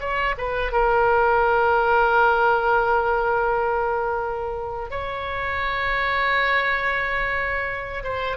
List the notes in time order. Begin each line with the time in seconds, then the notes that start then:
0.00 C#5
0.37 B4
0.72 A#4
4.90 C#5
8.04 C5